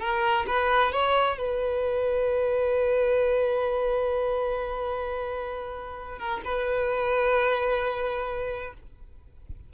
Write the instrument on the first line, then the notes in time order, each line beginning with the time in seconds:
violin
0.00 A#4
0.47 B4
0.92 C#5
1.38 B4
6.19 A#4
6.45 B4